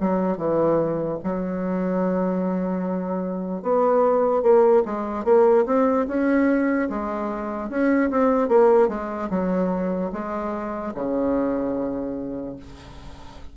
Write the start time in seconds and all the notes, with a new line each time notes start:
0.00 F#3
0.37 E3
1.23 F#3
3.62 B3
4.42 A#3
4.85 G#3
5.24 A#3
5.65 C4
6.07 C#4
6.89 G#3
7.69 C#4
8.10 C4
8.48 A#3
8.88 G#3
9.29 F#3
10.12 G#3
10.94 C#3